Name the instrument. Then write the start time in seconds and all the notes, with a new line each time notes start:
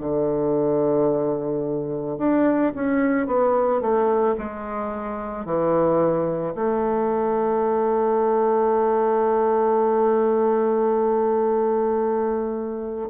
bassoon
0.00 D3
2.18 D4
2.75 C#4
3.27 B3
3.81 A3
4.38 G#3
5.45 E3
6.55 A3